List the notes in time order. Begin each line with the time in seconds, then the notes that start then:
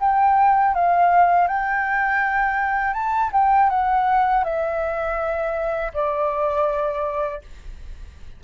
0.00 G5
0.74 F5
1.47 G5
2.94 A5
3.33 G5
3.70 F#5
4.44 E5
5.94 D5